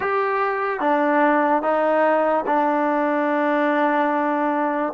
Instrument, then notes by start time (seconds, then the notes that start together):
trombone
0.00 G4
0.80 D4
1.62 D#4
2.46 D4